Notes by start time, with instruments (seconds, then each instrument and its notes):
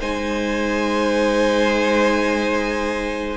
0.00 cello G#3, viola D#4, violin C5 G#5